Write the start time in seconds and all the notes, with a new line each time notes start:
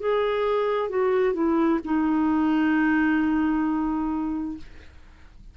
0.00 G#4
0.90 F#4
1.34 E4
1.85 D#4